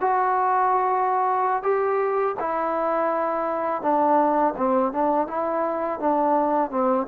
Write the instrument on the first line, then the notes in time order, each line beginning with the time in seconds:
trombone
0.00 F#4
1.63 G4
2.39 E4
3.81 D4
4.56 C4
4.92 D4
5.27 E4
5.99 D4
6.70 C4